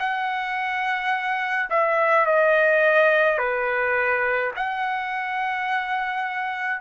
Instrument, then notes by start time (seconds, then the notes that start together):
trumpet
0.00 F#5
1.70 E5
2.26 D#5
3.39 B4
4.56 F#5